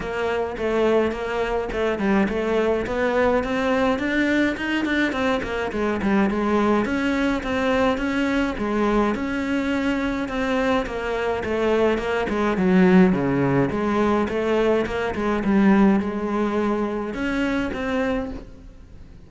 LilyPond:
\new Staff \with { instrumentName = "cello" } { \time 4/4 \tempo 4 = 105 ais4 a4 ais4 a8 g8 | a4 b4 c'4 d'4 | dis'8 d'8 c'8 ais8 gis8 g8 gis4 | cis'4 c'4 cis'4 gis4 |
cis'2 c'4 ais4 | a4 ais8 gis8 fis4 cis4 | gis4 a4 ais8 gis8 g4 | gis2 cis'4 c'4 | }